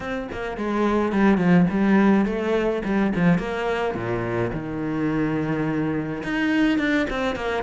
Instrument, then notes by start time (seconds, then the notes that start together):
cello
0.00 C4
0.32 A#3
0.57 G#3
1.12 G3
1.37 F3
1.70 G3
2.25 A3
2.84 G3
3.15 F3
3.38 A#3
3.94 A#2
4.53 D#3
6.23 D#4
6.78 D4
7.10 C4
7.35 A#3